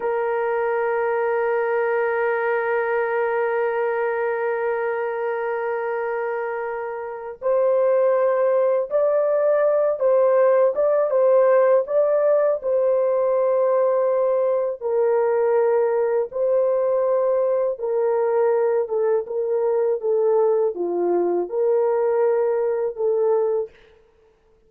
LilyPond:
\new Staff \with { instrumentName = "horn" } { \time 4/4 \tempo 4 = 81 ais'1~ | ais'1~ | ais'2 c''2 | d''4. c''4 d''8 c''4 |
d''4 c''2. | ais'2 c''2 | ais'4. a'8 ais'4 a'4 | f'4 ais'2 a'4 | }